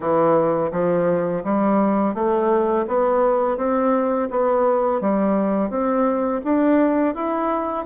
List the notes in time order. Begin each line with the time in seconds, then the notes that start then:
0.00 E3
0.71 F3
1.44 G3
2.14 A3
2.87 B3
3.57 C4
4.30 B3
5.00 G3
5.69 C4
6.44 D4
7.14 E4